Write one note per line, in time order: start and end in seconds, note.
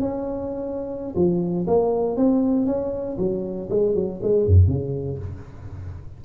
0.00 1.14 C#4
1.15 1.66 F3
1.67 2.17 A#3
2.17 2.66 C4
2.66 3.17 C#4
3.18 3.69 F#3
3.70 3.95 G#3
3.95 4.20 F#3
4.23 4.46 G#3
4.46 4.68 F#2
4.68 5.18 C#3